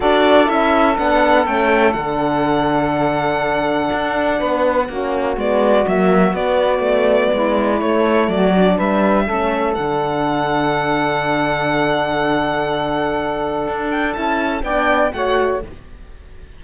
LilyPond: <<
  \new Staff \with { instrumentName = "violin" } { \time 4/4 \tempo 4 = 123 d''4 e''4 fis''4 g''4 | fis''1~ | fis''2. d''4 | e''4 d''2. |
cis''4 d''4 e''2 | fis''1~ | fis''1~ | fis''8 g''8 a''4 g''4 fis''4 | }
  \new Staff \with { instrumentName = "saxophone" } { \time 4/4 a'1~ | a'1~ | a'4 b'4 fis'2~ | fis'2. e'4~ |
e'4 fis'4 b'4 a'4~ | a'1~ | a'1~ | a'2 d''4 cis''4 | }
  \new Staff \with { instrumentName = "horn" } { \time 4/4 fis'4 e'4 d'4 cis'4 | d'1~ | d'2 cis'4 b4 | ais4 b2. |
a4. d'4. cis'4 | d'1~ | d'1~ | d'4 e'4 d'4 fis'4 | }
  \new Staff \with { instrumentName = "cello" } { \time 4/4 d'4 cis'4 b4 a4 | d1 | d'4 b4 ais4 gis4 | fis4 b4 a4 gis4 |
a4 fis4 g4 a4 | d1~ | d1 | d'4 cis'4 b4 a4 | }
>>